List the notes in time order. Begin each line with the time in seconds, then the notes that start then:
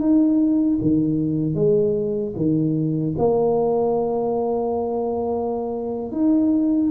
0.00 D#4
0.81 D#3
1.55 G#3
2.36 D#3
3.19 A#3
6.12 D#4